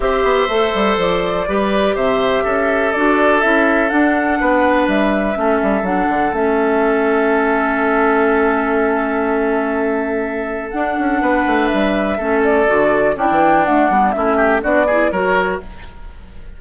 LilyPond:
<<
  \new Staff \with { instrumentName = "flute" } { \time 4/4 \tempo 4 = 123 e''2 d''2 | e''2 d''4 e''4 | fis''2 e''2 | fis''4 e''2.~ |
e''1~ | e''2 fis''2 | e''4. d''4. g''4 | fis''4 e''4 d''4 cis''4 | }
  \new Staff \with { instrumentName = "oboe" } { \time 4/4 c''2. b'4 | c''4 a'2.~ | a'4 b'2 a'4~ | a'1~ |
a'1~ | a'2. b'4~ | b'4 a'2 d'4~ | d'4 e'8 g'8 fis'8 gis'8 ais'4 | }
  \new Staff \with { instrumentName = "clarinet" } { \time 4/4 g'4 a'2 g'4~ | g'2 fis'4 e'4 | d'2. cis'4 | d'4 cis'2.~ |
cis'1~ | cis'2 d'2~ | d'4 cis'4 fis'4 e'4 | a8 b8 cis'4 d'8 e'8 fis'4 | }
  \new Staff \with { instrumentName = "bassoon" } { \time 4/4 c'8 b8 a8 g8 f4 g4 | c4 cis'4 d'4 cis'4 | d'4 b4 g4 a8 g8 | fis8 d8 a2.~ |
a1~ | a2 d'8 cis'8 b8 a8 | g4 a4 d4 cis'16 e8. | d'8 g8 a4 b4 fis4 | }
>>